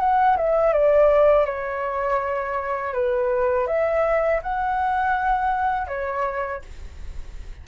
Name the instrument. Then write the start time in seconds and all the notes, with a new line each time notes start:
flute
0.00 F#5
0.37 E5
0.73 D5
1.46 C#5
2.94 B4
3.67 E5
4.43 F#5
5.88 C#5